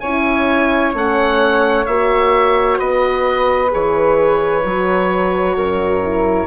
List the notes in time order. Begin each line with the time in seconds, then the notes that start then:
0.00 C#4 E4 C#5 G#5
0.94 A3 C#4 F#5
1.86 A#3 F#4 E5
2.79 B3 B4 D#5
3.70 E3 G#4 C#5
4.63 F#3 F#4
5.57 F#2 A#4
6.03 E4